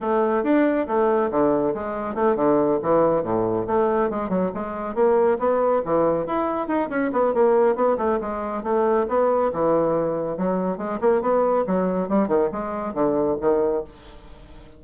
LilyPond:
\new Staff \with { instrumentName = "bassoon" } { \time 4/4 \tempo 4 = 139 a4 d'4 a4 d4 | gis4 a8 d4 e4 a,8~ | a,8 a4 gis8 fis8 gis4 ais8~ | ais8 b4 e4 e'4 dis'8 |
cis'8 b8 ais4 b8 a8 gis4 | a4 b4 e2 | fis4 gis8 ais8 b4 fis4 | g8 dis8 gis4 d4 dis4 | }